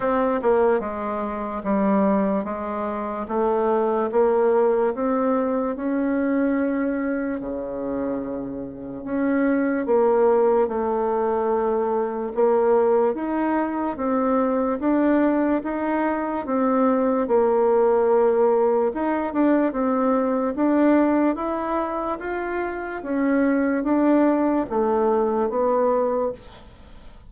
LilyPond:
\new Staff \with { instrumentName = "bassoon" } { \time 4/4 \tempo 4 = 73 c'8 ais8 gis4 g4 gis4 | a4 ais4 c'4 cis'4~ | cis'4 cis2 cis'4 | ais4 a2 ais4 |
dis'4 c'4 d'4 dis'4 | c'4 ais2 dis'8 d'8 | c'4 d'4 e'4 f'4 | cis'4 d'4 a4 b4 | }